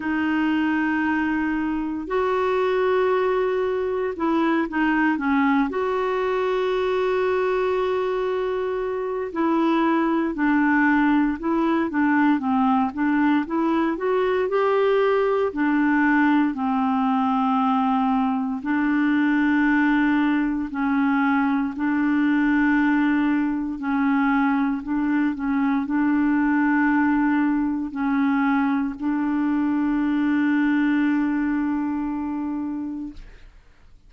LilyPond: \new Staff \with { instrumentName = "clarinet" } { \time 4/4 \tempo 4 = 58 dis'2 fis'2 | e'8 dis'8 cis'8 fis'2~ fis'8~ | fis'4 e'4 d'4 e'8 d'8 | c'8 d'8 e'8 fis'8 g'4 d'4 |
c'2 d'2 | cis'4 d'2 cis'4 | d'8 cis'8 d'2 cis'4 | d'1 | }